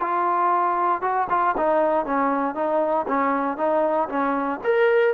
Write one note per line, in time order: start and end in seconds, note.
0.00 1.01 F4
1.01 1.27 F#4
1.29 1.55 F4
1.57 2.05 D#4
2.05 2.55 C#4
2.55 3.06 D#4
3.07 3.57 C#4
3.57 4.08 D#4
4.09 4.60 C#4
4.64 5.13 A#4